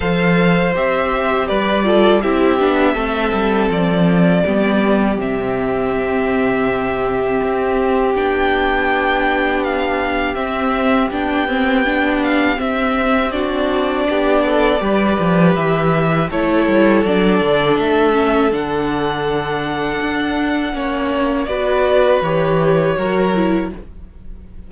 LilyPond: <<
  \new Staff \with { instrumentName = "violin" } { \time 4/4 \tempo 4 = 81 f''4 e''4 d''4 e''4~ | e''4 d''2 e''4~ | e''2. g''4~ | g''4 f''4 e''4 g''4~ |
g''8 f''8 e''4 d''2~ | d''4 e''4 cis''4 d''4 | e''4 fis''2.~ | fis''4 d''4 cis''2 | }
  \new Staff \with { instrumentName = "violin" } { \time 4/4 c''2 b'8 a'8 g'4 | a'2 g'2~ | g'1~ | g'1~ |
g'2 fis'4 g'8 a'8 | b'2 a'2~ | a'1 | cis''4 b'2 ais'4 | }
  \new Staff \with { instrumentName = "viola" } { \time 4/4 a'4 g'4. f'8 e'8 d'8 | c'2 b4 c'4~ | c'2. d'4~ | d'2 c'4 d'8 c'8 |
d'4 c'4 d'2 | g'2 e'4 d'4~ | d'8 cis'8 d'2. | cis'4 fis'4 g'4 fis'8 e'8 | }
  \new Staff \with { instrumentName = "cello" } { \time 4/4 f4 c'4 g4 c'8 b8 | a8 g8 f4 g4 c4~ | c2 c'4 b4~ | b2 c'4 b4~ |
b4 c'2 b4 | g8 f8 e4 a8 g8 fis8 d8 | a4 d2 d'4 | ais4 b4 e4 fis4 | }
>>